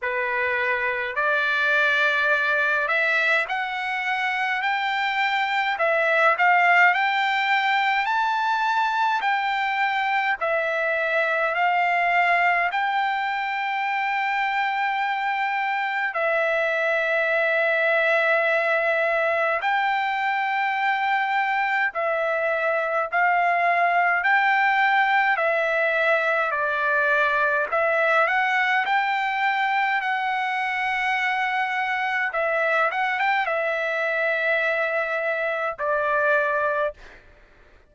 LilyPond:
\new Staff \with { instrumentName = "trumpet" } { \time 4/4 \tempo 4 = 52 b'4 d''4. e''8 fis''4 | g''4 e''8 f''8 g''4 a''4 | g''4 e''4 f''4 g''4~ | g''2 e''2~ |
e''4 g''2 e''4 | f''4 g''4 e''4 d''4 | e''8 fis''8 g''4 fis''2 | e''8 fis''16 g''16 e''2 d''4 | }